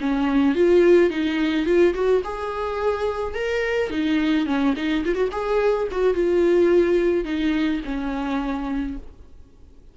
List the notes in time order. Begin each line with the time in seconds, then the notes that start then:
0.00 C#4
0.55 F4
1.10 D#4
1.65 F4
1.94 F#4
2.24 G#4
3.34 A#4
3.90 D#4
4.46 C#4
4.76 D#4
5.05 F4
5.14 F#4
5.31 G#4
5.91 F#4
6.14 F4
7.24 D#4
7.85 C#4